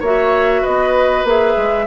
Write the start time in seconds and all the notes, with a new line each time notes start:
0.00 A#3 F#4 C#5 E5
0.62 B3 B4 D#5
1.24 A#3 G#4 E5
1.57 G#3